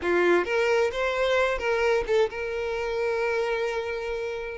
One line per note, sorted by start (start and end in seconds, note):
0.02 0.45 F4
0.45 0.90 A#4
0.92 1.58 C5
1.58 2.04 A#4
2.07 2.29 A4
2.30 4.58 A#4